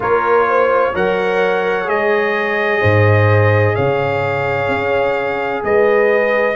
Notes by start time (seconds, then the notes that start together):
0.00 A#3 F4 A#4 C#5
0.49 C5
0.93 F#3 A#4 C#5 F#5
1.85 G#3 G#4 D#5
2.80 G#2 C5
3.74 C#3 C#5 F5
4.68 C#4
5.63 G#3 B4 D#5